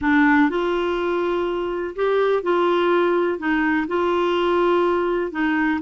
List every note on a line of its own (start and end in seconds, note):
0.01 0.49 D4
0.49 1.94 F4
1.95 2.42 G4
2.42 3.38 F4
3.38 3.87 D#4
3.87 5.31 F4
5.31 5.80 D#4